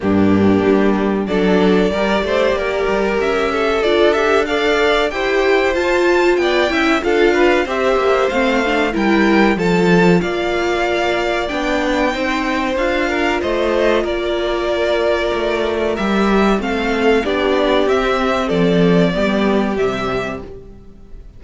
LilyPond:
<<
  \new Staff \with { instrumentName = "violin" } { \time 4/4 \tempo 4 = 94 g'2 d''2~ | d''4 e''4 d''8 e''8 f''4 | g''4 a''4 g''4 f''4 | e''4 f''4 g''4 a''4 |
f''2 g''2 | f''4 dis''4 d''2~ | d''4 e''4 f''4 d''4 | e''4 d''2 e''4 | }
  \new Staff \with { instrumentName = "violin" } { \time 4/4 d'2 a'4 ais'8 c''8 | ais'4. a'4. d''4 | c''2 d''8 e''8 a'8 b'8 | c''2 ais'4 a'4 |
d''2. c''4~ | c''8 ais'8 c''4 ais'2~ | ais'2 a'4 g'4~ | g'4 a'4 g'2 | }
  \new Staff \with { instrumentName = "viola" } { \time 4/4 ais2 d'4 g'4~ | g'2 f'8 g'8 a'4 | g'4 f'4. e'8 f'4 | g'4 c'8 d'8 e'4 f'4~ |
f'2 d'4 dis'4 | f'1~ | f'4 g'4 c'4 d'4 | c'2 b4 g4 | }
  \new Staff \with { instrumentName = "cello" } { \time 4/4 g,4 g4 fis4 g8 a8 | ais8 g8 cis'4 d'2 | e'4 f'4 b8 cis'8 d'4 | c'8 ais8 a4 g4 f4 |
ais2 b4 c'4 | d'4 a4 ais2 | a4 g4 a4 b4 | c'4 f4 g4 c4 | }
>>